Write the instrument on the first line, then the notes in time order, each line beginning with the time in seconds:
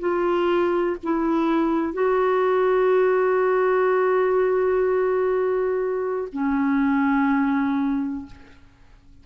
clarinet
0.00 F4
1.04 E4
1.94 F#4
6.33 C#4